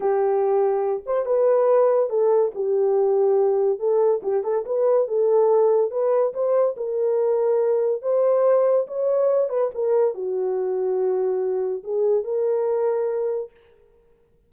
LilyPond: \new Staff \with { instrumentName = "horn" } { \time 4/4 \tempo 4 = 142 g'2~ g'8 c''8 b'4~ | b'4 a'4 g'2~ | g'4 a'4 g'8 a'8 b'4 | a'2 b'4 c''4 |
ais'2. c''4~ | c''4 cis''4. b'8 ais'4 | fis'1 | gis'4 ais'2. | }